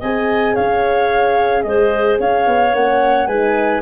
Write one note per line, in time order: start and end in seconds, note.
0.00 0.57 C4
0.00 2.74 G#4
0.00 0.55 D#5
0.00 0.56 G#5
0.55 1.64 C#4
0.55 1.64 C#5
0.55 1.63 F5
1.63 2.19 G#3
1.63 2.20 C5
1.63 2.17 D#5
2.20 2.47 C#4
2.20 3.28 C#5
2.20 2.75 F5
2.47 2.74 B3
2.74 3.27 A#3
2.74 3.29 C#4
2.74 3.27 F#5
3.27 3.82 G#3
3.27 3.82 D#4
3.27 3.82 B4
3.27 3.82 G#5